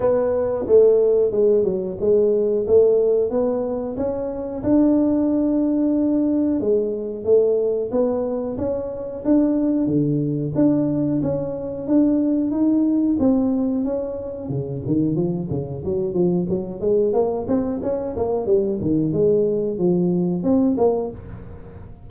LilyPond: \new Staff \with { instrumentName = "tuba" } { \time 4/4 \tempo 4 = 91 b4 a4 gis8 fis8 gis4 | a4 b4 cis'4 d'4~ | d'2 gis4 a4 | b4 cis'4 d'4 d4 |
d'4 cis'4 d'4 dis'4 | c'4 cis'4 cis8 dis8 f8 cis8 | fis8 f8 fis8 gis8 ais8 c'8 cis'8 ais8 | g8 dis8 gis4 f4 c'8 ais8 | }